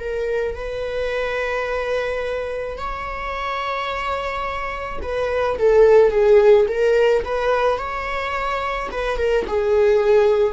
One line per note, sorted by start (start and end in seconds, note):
0.00 0.56 A#4
0.56 2.78 B4
2.78 5.00 C#5
5.03 5.59 B4
5.59 6.12 A4
6.12 6.67 G#4
6.68 7.24 A#4
7.25 7.78 B4
7.78 8.89 C#5
8.91 9.18 B4
9.18 9.45 A#4
9.48 10.54 G#4